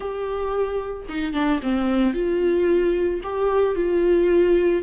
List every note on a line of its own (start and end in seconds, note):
0.00 1.06 G4
1.08 1.33 D#4
1.33 1.59 D4
1.62 2.13 C4
2.13 3.20 F4
3.23 3.75 G4
3.75 4.82 F4